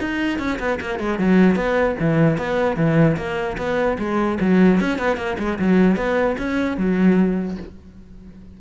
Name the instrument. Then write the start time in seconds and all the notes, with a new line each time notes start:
cello
0.00 D#4
0.39 C#4
0.59 B3
0.81 A#3
0.99 G#3
1.19 F#3
1.55 B3
2.00 E3
2.38 B3
2.76 E3
3.17 A#3
3.58 B3
3.98 G#3
4.40 F#3
4.80 C#4
4.98 B3
5.17 A#3
5.38 G#3
5.59 F#3
5.96 B3
6.38 C#4
6.77 F#3